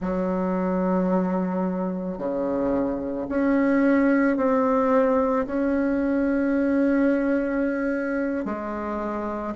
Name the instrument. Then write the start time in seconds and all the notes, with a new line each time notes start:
bassoon
0.00 F#3
2.18 C#3
3.28 C#4
4.36 C4
5.46 C#4
8.45 G#3